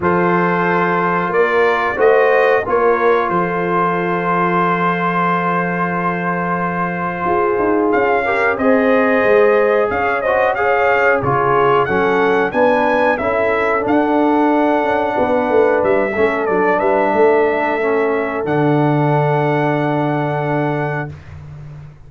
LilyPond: <<
  \new Staff \with { instrumentName = "trumpet" } { \time 4/4 \tempo 4 = 91 c''2 d''4 dis''4 | cis''4 c''2.~ | c''1 | f''4 dis''2 f''8 dis''8 |
f''4 cis''4 fis''4 gis''4 | e''4 fis''2. | e''4 d''8 e''2~ e''8 | fis''1 | }
  \new Staff \with { instrumentName = "horn" } { \time 4/4 a'2 ais'4 c''4 | ais'4 a'2.~ | a'2. gis'4~ | gis'8 ais'8 c''2 cis''8 c''8 |
cis''4 gis'4 a'4 b'4 | a'2. b'4~ | b'8 a'4 b'8 a'2~ | a'1 | }
  \new Staff \with { instrumentName = "trombone" } { \time 4/4 f'2. fis'4 | f'1~ | f'1~ | f'8 g'8 gis'2~ gis'8 fis'8 |
gis'4 f'4 cis'4 d'4 | e'4 d'2.~ | d'8 cis'8 d'2 cis'4 | d'1 | }
  \new Staff \with { instrumentName = "tuba" } { \time 4/4 f2 ais4 a4 | ais4 f2.~ | f2. f'8 dis'8 | cis'4 c'4 gis4 cis'4~ |
cis'4 cis4 fis4 b4 | cis'4 d'4. cis'8 b8 a8 | g8 a8 fis8 g8 a2 | d1 | }
>>